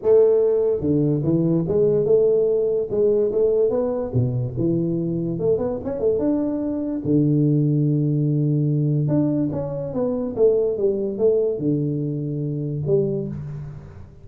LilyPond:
\new Staff \with { instrumentName = "tuba" } { \time 4/4 \tempo 4 = 145 a2 d4 e4 | gis4 a2 gis4 | a4 b4 b,4 e4~ | e4 a8 b8 cis'8 a8 d'4~ |
d'4 d2.~ | d2 d'4 cis'4 | b4 a4 g4 a4 | d2. g4 | }